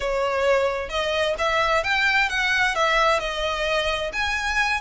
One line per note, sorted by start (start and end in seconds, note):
0.00 0.89 C#5
0.89 1.34 D#5
1.38 1.83 E5
1.83 2.29 G5
2.29 2.75 F#5
2.75 3.19 E5
3.19 4.11 D#5
4.12 4.80 G#5